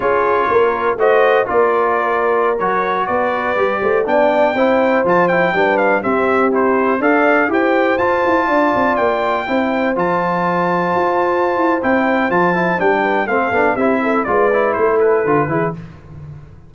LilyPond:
<<
  \new Staff \with { instrumentName = "trumpet" } { \time 4/4 \tempo 4 = 122 cis''2 dis''4 d''4~ | d''4~ d''16 cis''4 d''4.~ d''16~ | d''16 g''2 a''8 g''4 f''16~ | f''16 e''4 c''4 f''4 g''8.~ |
g''16 a''2 g''4.~ g''16~ | g''16 a''2.~ a''8. | g''4 a''4 g''4 f''4 | e''4 d''4 c''8 b'4. | }
  \new Staff \with { instrumentName = "horn" } { \time 4/4 gis'4 ais'4 c''4 ais'4~ | ais'2~ ais'16 b'4. c''16~ | c''16 d''4 c''2 b'8.~ | b'16 g'2 d''4 c''8.~ |
c''4~ c''16 d''2 c''8.~ | c''1~ | c''2~ c''8 b'8 a'4 | g'8 a'8 b'4 a'4. gis'8 | }
  \new Staff \with { instrumentName = "trombone" } { \time 4/4 f'2 fis'4 f'4~ | f'4~ f'16 fis'2 g'8.~ | g'16 d'4 e'4 f'8 e'8 d'8.~ | d'16 c'4 e'4 a'4 g'8.~ |
g'16 f'2. e'8.~ | e'16 f'2.~ f'8. | e'4 f'8 e'8 d'4 c'8 d'8 | e'4 f'8 e'4. f'8 e'8 | }
  \new Staff \with { instrumentName = "tuba" } { \time 4/4 cis'4 ais4 a4 ais4~ | ais4~ ais16 fis4 b4 g8 a16~ | a16 b4 c'4 f4 g8.~ | g16 c'2 d'4 e'8.~ |
e'16 f'8 e'8 d'8 c'8 ais4 c'8.~ | c'16 f2 f'4~ f'16 e'8 | c'4 f4 g4 a8 b8 | c'4 gis4 a4 d8 e8 | }
>>